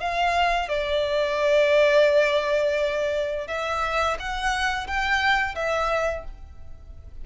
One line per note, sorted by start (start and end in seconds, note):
0.00 0.68 F5
0.68 3.48 D5
3.48 4.17 E5
4.19 4.87 F#5
4.87 5.55 G5
5.55 6.25 E5